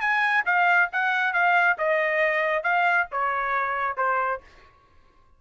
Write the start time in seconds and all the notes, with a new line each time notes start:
0.00 G#5
0.45 F5
0.92 F#5
1.33 F5
1.78 D#5
2.63 F5
3.11 C#5
3.97 C5